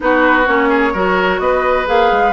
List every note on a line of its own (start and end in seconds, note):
0.00 0.47 B3
0.00 0.43 D#4
0.00 0.69 F#4
0.00 0.46 B4
0.46 0.94 A#3
0.46 0.93 C#4
0.46 1.39 C#5
0.69 0.92 G#4
0.93 1.39 F#3
0.93 1.85 F#4
0.93 1.40 A#4
1.39 1.86 B3
1.39 2.33 B4
1.39 1.86 D#5
1.85 2.11 A#3
1.85 2.32 G#4
1.85 2.33 F5
2.11 2.33 G#3